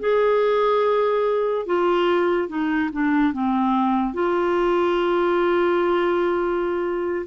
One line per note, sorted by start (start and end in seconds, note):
0.00 1.66 G#4
1.66 2.48 F4
2.48 2.90 D#4
2.92 3.33 D4
3.33 4.14 C4
4.14 7.26 F4